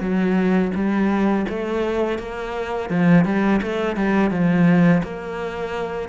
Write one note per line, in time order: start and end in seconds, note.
0.00 0.71 F#3
0.74 1.46 G3
1.49 2.19 A3
2.19 2.90 A#3
2.90 3.25 F3
3.25 3.60 G3
3.62 3.96 A3
3.96 4.31 G3
4.31 5.02 F3
5.03 6.09 A#3